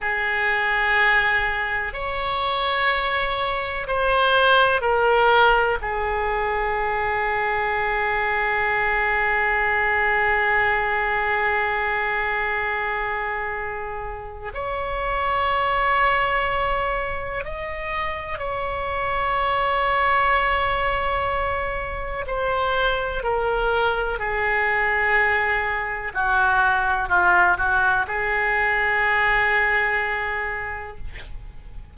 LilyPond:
\new Staff \with { instrumentName = "oboe" } { \time 4/4 \tempo 4 = 62 gis'2 cis''2 | c''4 ais'4 gis'2~ | gis'1~ | gis'2. cis''4~ |
cis''2 dis''4 cis''4~ | cis''2. c''4 | ais'4 gis'2 fis'4 | f'8 fis'8 gis'2. | }